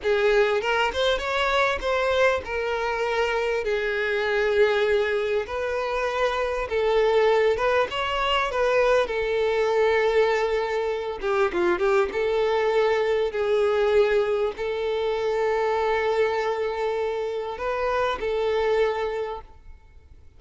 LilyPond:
\new Staff \with { instrumentName = "violin" } { \time 4/4 \tempo 4 = 99 gis'4 ais'8 c''8 cis''4 c''4 | ais'2 gis'2~ | gis'4 b'2 a'4~ | a'8 b'8 cis''4 b'4 a'4~ |
a'2~ a'8 g'8 f'8 g'8 | a'2 gis'2 | a'1~ | a'4 b'4 a'2 | }